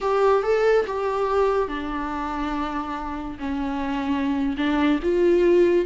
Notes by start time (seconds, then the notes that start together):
0.00 G4
0.43 A4
0.86 G4
1.68 D4
3.39 C#4
4.57 D4
5.02 F4